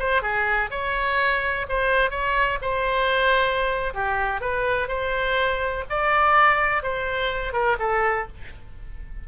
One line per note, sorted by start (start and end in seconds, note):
0.00 0.22 C5
0.22 0.70 G#4
0.71 1.67 C#5
1.69 2.11 C5
2.11 2.59 C#5
2.62 3.94 C5
3.94 4.41 G4
4.41 4.89 B4
4.89 5.85 C5
5.90 6.83 D5
6.83 7.53 C5
7.53 7.77 A#4
7.80 8.28 A4